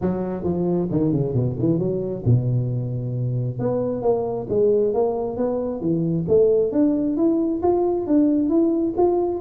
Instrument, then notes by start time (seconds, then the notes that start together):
tuba
0.01 F#3
0.43 F3
0.90 D#3
1.12 C#3
1.34 B2
1.59 E3
1.78 F#3
2.25 B2
3.59 B3
4.02 A#3
4.49 G#3
4.93 A#3
5.36 B3
5.81 E3
6.28 A3
6.72 D4
7.16 E4
7.62 F4
8.06 D4
8.49 E4
8.97 F4